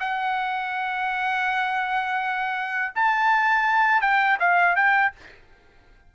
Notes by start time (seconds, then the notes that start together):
0.00 F#5
2.95 A5
4.01 G5
4.40 F5
4.75 G5